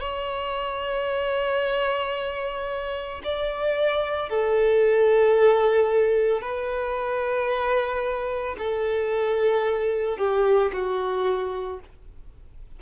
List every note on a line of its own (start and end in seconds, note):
0.00 3.21 C#5
3.23 4.29 D5
4.29 6.41 A4
6.41 8.56 B4
8.58 10.17 A4
10.17 10.71 G4
10.72 11.80 F#4